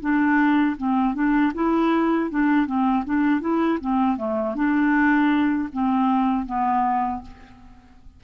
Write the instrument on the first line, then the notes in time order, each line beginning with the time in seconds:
clarinet
0.00 D4
0.77 C4
1.14 D4
1.54 E4
2.30 D4
2.66 C4
3.05 D4
3.40 E4
3.80 C4
4.17 A3
4.55 D4
5.72 C4
6.46 B3